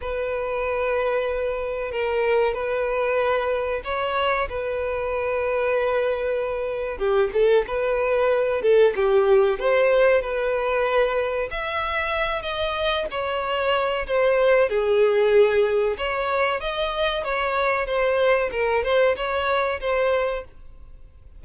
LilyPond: \new Staff \with { instrumentName = "violin" } { \time 4/4 \tempo 4 = 94 b'2. ais'4 | b'2 cis''4 b'4~ | b'2. g'8 a'8 | b'4. a'8 g'4 c''4 |
b'2 e''4. dis''8~ | dis''8 cis''4. c''4 gis'4~ | gis'4 cis''4 dis''4 cis''4 | c''4 ais'8 c''8 cis''4 c''4 | }